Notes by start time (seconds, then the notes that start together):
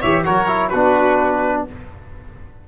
0.00 E3 G4 C#5 E5
0.25 F#3 F#4 A#4 C#5
0.47 E4
0.69 B3 D4 F#4 B4